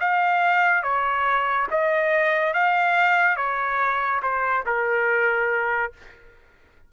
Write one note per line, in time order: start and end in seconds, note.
0.00 0.83 F5
0.83 1.67 C#5
1.71 2.54 D#5
2.54 3.36 F5
3.36 4.21 C#5
4.23 4.65 C5
4.66 5.93 A#4